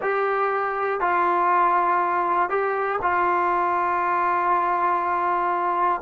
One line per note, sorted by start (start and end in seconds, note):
0.01 1.00 G4
1.00 2.49 F4
2.49 2.99 G4
3.02 6.01 F4